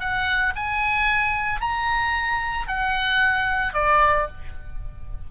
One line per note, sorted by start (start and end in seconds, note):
0.00 0.54 F#5
0.55 1.61 G#5
1.61 2.67 A#5
2.67 3.74 F#5
3.74 4.27 D5